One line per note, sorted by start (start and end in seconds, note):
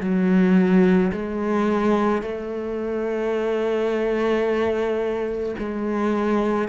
0.00 1.11 F#3
1.12 2.22 G#3
2.22 5.55 A3
5.58 6.68 G#3